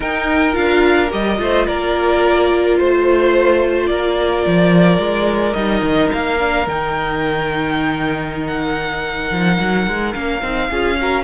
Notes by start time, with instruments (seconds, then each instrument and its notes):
0.00 viola D#4, cello D#4, violin A#4 G5
0.52 cello D4, viola F4, violin F5
1.09 cello G3, viola G4, violin D#5
1.37 cello A3, viola F4, violin C5
1.66 cello A#3, violin A#4 D5
2.78 cello A3, violin C5
3.86 cello A#3, violin A#4 D5
4.46 cello F3
4.98 cello G#3
5.53 cello G3, viola D#4, violin D#5
5.81 cello D#3
6.12 cello A#3, violin F5
6.38 viola D4
6.67 cello D#3, viola D#4, violin G5
8.47 violin F#5
9.31 cello F3
9.59 cello F#3
9.87 cello G#3
10.13 cello A#3, viola C#4, violin F5
10.42 cello C4, viola D#4
10.69 cello C#4, viola F4, violin G#4
10.97 viola F#4, violin A#4